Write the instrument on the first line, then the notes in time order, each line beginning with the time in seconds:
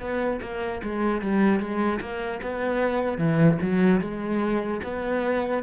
cello
0.00 B3
0.42 A#3
0.83 G#3
1.22 G3
1.60 G#3
2.01 A#3
2.43 B3
3.18 E3
3.62 F#3
4.01 G#3
4.84 B3